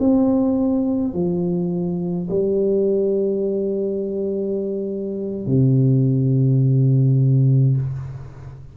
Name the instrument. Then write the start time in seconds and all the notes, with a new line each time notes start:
tuba
0.00 C4
1.13 F3
2.30 G3
5.46 C3